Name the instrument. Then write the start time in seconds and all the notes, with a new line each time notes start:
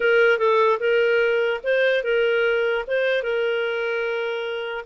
clarinet
0.00 A#4
0.38 A4
0.79 A#4
1.63 C5
2.03 A#4
2.87 C5
3.22 A#4